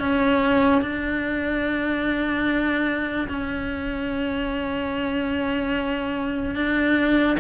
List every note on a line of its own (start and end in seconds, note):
0.00 0.82 C#4
0.82 3.29 D4
3.29 6.56 C#4
6.56 7.38 D4